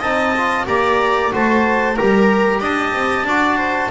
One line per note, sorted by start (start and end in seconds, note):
0.00 0.67 C4
0.00 0.37 D#4
0.00 0.65 D#5
0.00 0.66 A5
0.37 0.67 F4
0.67 1.32 A#3
0.67 1.31 G4
0.67 1.32 D5
0.67 1.32 A#5
1.32 1.98 A3
1.32 1.96 F#4
1.32 1.97 C5
1.32 1.96 A5
1.96 2.61 G3
1.96 3.27 G4
1.96 2.60 A#4
1.96 2.61 A#5
2.60 2.93 D4
2.60 3.25 D#5
2.60 3.91 A5
2.94 3.24 C4
3.24 3.89 D4
3.24 3.91 F#4
3.24 3.57 D5
3.57 3.90 C5